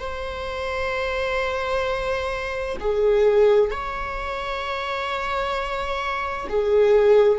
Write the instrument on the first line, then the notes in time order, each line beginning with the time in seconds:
viola
0.00 C5
2.80 G#4
3.71 C#5
6.49 G#4